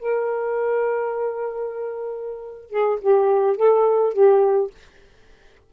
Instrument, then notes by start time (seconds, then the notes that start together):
saxophone
0.00 A#4
2.70 G#4
3.01 G4
3.57 A4
4.14 G4